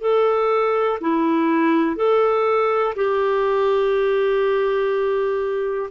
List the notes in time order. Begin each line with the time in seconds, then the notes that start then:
0.00 A4
1.00 E4
1.96 A4
2.95 G4